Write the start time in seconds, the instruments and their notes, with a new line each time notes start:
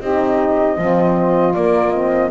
0.00 double bass C4, horn D#4, saxophone G4, flute D#5
0.77 double bass F3, horn C4, saxophone F4
1.54 horn A#3, double bass A#3, flute D5
1.91 horn C4, flute D#5